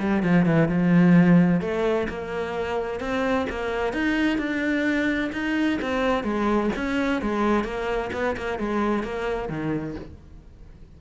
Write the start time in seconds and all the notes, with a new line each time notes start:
0.00 G3
0.23 F3
0.46 E3
0.69 F3
1.61 A3
2.09 A#3
3.00 C4
3.50 A#3
3.93 D#4
4.38 D4
5.33 D#4
5.82 C4
6.24 G#3
6.76 C#4
7.22 G#3
7.64 A#3
8.13 B3
8.37 A#3
8.59 G#3
9.04 A#3
9.49 D#3